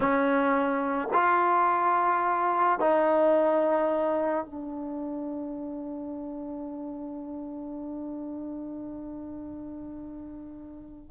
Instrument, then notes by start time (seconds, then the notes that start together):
trombone
0.00 C#4
1.13 F4
2.79 D#4
4.45 D4